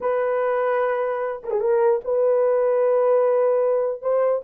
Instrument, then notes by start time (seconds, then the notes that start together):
horn
0.01 B4
1.43 A#4
1.50 G#4
1.60 A#4
2.04 B4
4.01 C5